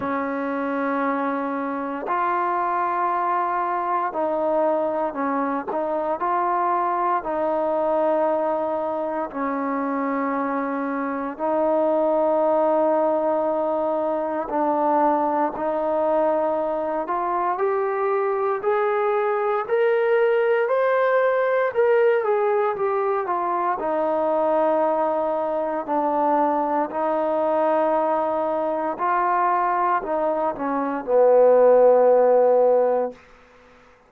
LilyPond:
\new Staff \with { instrumentName = "trombone" } { \time 4/4 \tempo 4 = 58 cis'2 f'2 | dis'4 cis'8 dis'8 f'4 dis'4~ | dis'4 cis'2 dis'4~ | dis'2 d'4 dis'4~ |
dis'8 f'8 g'4 gis'4 ais'4 | c''4 ais'8 gis'8 g'8 f'8 dis'4~ | dis'4 d'4 dis'2 | f'4 dis'8 cis'8 b2 | }